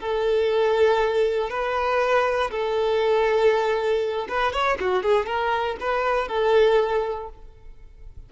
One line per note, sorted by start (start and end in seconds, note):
0.00 1.49 A4
1.49 2.50 B4
2.50 4.27 A4
4.28 4.52 B4
4.52 4.78 C#5
4.80 5.03 F#4
5.03 5.26 G#4
5.26 5.76 A#4
5.80 6.28 B4
6.28 7.29 A4